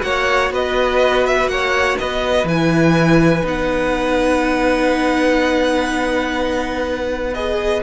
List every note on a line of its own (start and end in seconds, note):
0.00 0.50 A#3
0.00 2.44 F#4
0.00 0.52 C#5
0.00 0.50 F#5
0.50 1.46 B3
0.50 1.50 B4
0.50 1.26 D#5
1.26 1.48 E5
1.46 1.95 A#3
1.46 2.00 C#5
1.46 1.97 F#5
1.98 2.44 B3
1.98 7.83 B4
1.98 2.47 D#5
2.44 3.41 E3
2.44 3.43 E4
2.44 3.45 G#5
3.43 7.83 B3
3.43 7.33 D#4
3.43 7.34 F#5
7.34 7.83 G#4
7.34 7.82 D#5